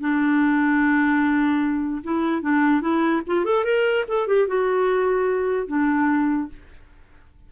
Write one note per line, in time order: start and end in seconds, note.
0.00 2.03 D4
2.03 2.42 E4
2.42 2.81 D4
2.81 3.21 E4
3.26 3.44 F4
3.44 3.64 A4
3.64 4.04 A#4
4.07 4.27 A4
4.27 4.47 G4
4.47 5.67 F#4
5.67 6.48 D4